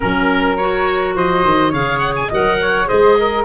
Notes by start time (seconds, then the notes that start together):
0.00 F#3 C#4 A#4
0.56 F#4 C#5
1.15 F3 C5 D#5
1.44 D#3
1.69 C#3 G#4 C#5 F5
1.98 F#5
2.16 G#5
2.28 F#3 A#4 D#5
2.34 F#5
2.61 C#5
2.86 G#3 G#4 C5 D#5
3.19 A#4